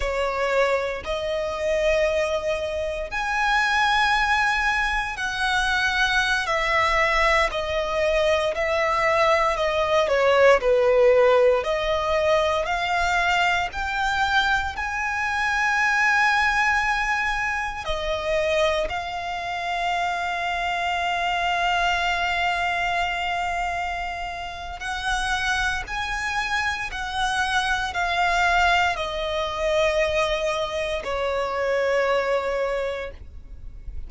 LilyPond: \new Staff \with { instrumentName = "violin" } { \time 4/4 \tempo 4 = 58 cis''4 dis''2 gis''4~ | gis''4 fis''4~ fis''16 e''4 dis''8.~ | dis''16 e''4 dis''8 cis''8 b'4 dis''8.~ | dis''16 f''4 g''4 gis''4.~ gis''16~ |
gis''4~ gis''16 dis''4 f''4.~ f''16~ | f''1 | fis''4 gis''4 fis''4 f''4 | dis''2 cis''2 | }